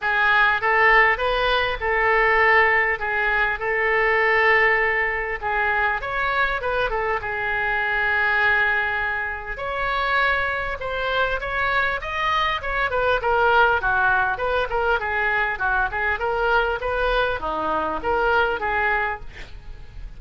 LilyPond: \new Staff \with { instrumentName = "oboe" } { \time 4/4 \tempo 4 = 100 gis'4 a'4 b'4 a'4~ | a'4 gis'4 a'2~ | a'4 gis'4 cis''4 b'8 a'8 | gis'1 |
cis''2 c''4 cis''4 | dis''4 cis''8 b'8 ais'4 fis'4 | b'8 ais'8 gis'4 fis'8 gis'8 ais'4 | b'4 dis'4 ais'4 gis'4 | }